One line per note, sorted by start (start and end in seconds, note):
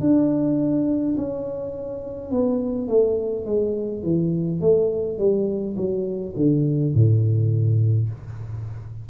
0.00 1.15 D4
1.17 2.31 C#4
2.31 2.88 B3
2.88 3.45 A3
3.45 4.03 G#3
4.03 4.60 E3
4.60 5.18 A3
5.18 5.76 G3
5.77 6.35 F#3
6.36 6.94 D3
6.94 8.09 A2